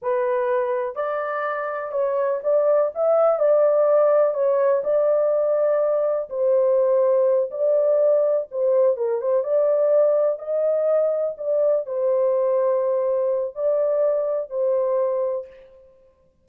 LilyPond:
\new Staff \with { instrumentName = "horn" } { \time 4/4 \tempo 4 = 124 b'2 d''2 | cis''4 d''4 e''4 d''4~ | d''4 cis''4 d''2~ | d''4 c''2~ c''8 d''8~ |
d''4. c''4 ais'8 c''8 d''8~ | d''4. dis''2 d''8~ | d''8 c''2.~ c''8 | d''2 c''2 | }